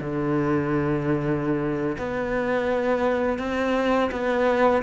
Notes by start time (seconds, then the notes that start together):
0.00 D3
1.98 B3
3.39 C4
4.11 B3